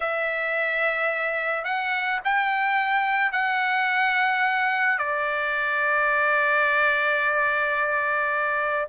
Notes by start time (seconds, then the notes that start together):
0.00 E5
1.64 F#5
2.24 G5
3.32 F#5
4.98 D5